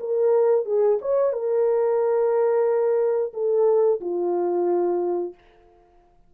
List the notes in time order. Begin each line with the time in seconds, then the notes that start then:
0.00 A#4
0.66 G#4
1.02 C#5
1.33 A#4
3.34 A4
4.01 F4